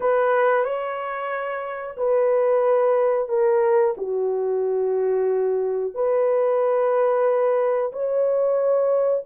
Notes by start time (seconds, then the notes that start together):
0.00 B4
0.64 C#5
1.97 B4
3.28 A#4
3.97 F#4
5.94 B4
7.92 C#5